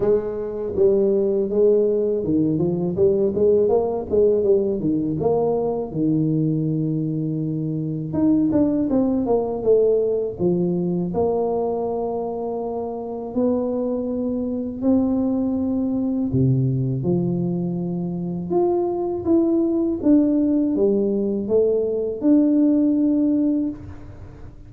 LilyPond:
\new Staff \with { instrumentName = "tuba" } { \time 4/4 \tempo 4 = 81 gis4 g4 gis4 dis8 f8 | g8 gis8 ais8 gis8 g8 dis8 ais4 | dis2. dis'8 d'8 | c'8 ais8 a4 f4 ais4~ |
ais2 b2 | c'2 c4 f4~ | f4 f'4 e'4 d'4 | g4 a4 d'2 | }